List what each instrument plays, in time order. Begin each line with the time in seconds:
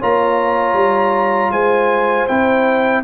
0.00 tuba A#3, trombone F4, horn C#5, trumpet A#5
0.74 tuba G3
1.52 tuba G#3, horn C5, trumpet G#5
2.28 tuba C4, trombone E4, trumpet G5